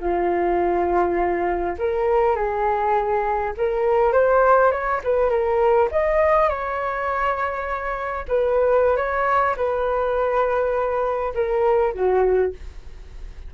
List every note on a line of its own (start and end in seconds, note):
0.00 1.76 F4
1.78 2.36 A#4
2.36 3.53 G#4
3.57 4.13 A#4
4.13 4.71 C5
4.71 5.01 C#5
5.04 5.30 B4
5.30 5.89 A#4
5.91 6.49 D#5
6.49 8.25 C#5
8.28 8.97 B4
8.97 9.55 C#5
9.57 11.33 B4
11.34 11.93 A#4
11.94 12.52 F#4